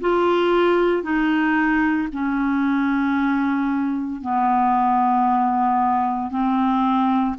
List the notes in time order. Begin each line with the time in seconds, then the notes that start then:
0.00 F4
1.02 D#4
2.12 C#4
4.21 B3
6.31 C4